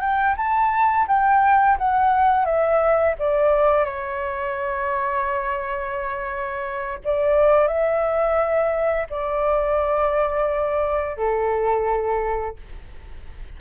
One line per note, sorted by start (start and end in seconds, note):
0.00 0.35 G5
0.36 1.06 A5
1.08 1.77 G5
1.78 2.45 F#5
2.45 3.15 E5
3.18 3.84 D5
3.84 6.98 C#5
7.04 7.67 D5
7.67 9.07 E5
9.10 11.17 D5
11.17 12.56 A4